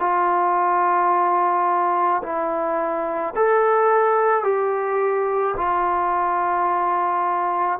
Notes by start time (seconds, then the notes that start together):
0.00 F4
2.23 E4
3.36 A4
4.44 G4
5.57 F4